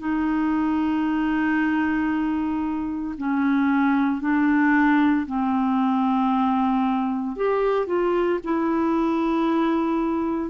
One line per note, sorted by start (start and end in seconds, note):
0.00 3.16 D#4
3.18 4.21 C#4
4.21 5.26 D4
5.27 7.36 C4
7.36 7.87 G4
7.87 8.40 F4
8.44 10.51 E4